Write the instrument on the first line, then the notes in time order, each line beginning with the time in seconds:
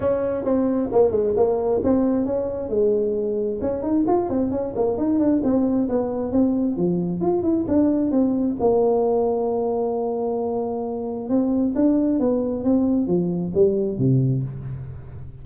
tuba
0.00 C#4
0.44 C4
0.91 A#3
1.11 G#3
1.36 A#3
1.83 C4
2.25 C#4
2.69 G#3
3.61 C#4
3.82 D#4
4.07 F4
4.29 C4
4.51 C#4
4.75 A#3
4.97 D#4
5.19 D4
5.43 C4
5.88 B3
6.32 C4
6.77 F3
7.20 F4
7.43 E4
7.68 D4
8.11 C4
8.60 A#3
11.29 C4
11.75 D4
12.19 B3
12.64 C4
13.07 F3
13.54 G3
13.97 C3